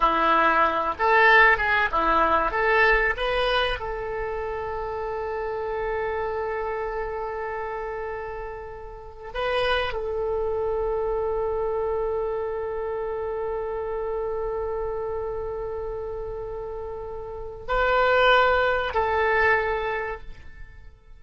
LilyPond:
\new Staff \with { instrumentName = "oboe" } { \time 4/4 \tempo 4 = 95 e'4. a'4 gis'8 e'4 | a'4 b'4 a'2~ | a'1~ | a'2~ a'8. b'4 a'16~ |
a'1~ | a'1~ | a'1 | b'2 a'2 | }